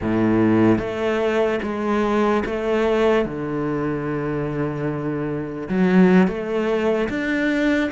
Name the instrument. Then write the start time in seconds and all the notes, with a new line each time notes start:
cello
0.01 A2
0.78 A3
1.62 G#3
2.45 A3
3.25 D3
5.68 F#3
6.27 A3
7.09 D4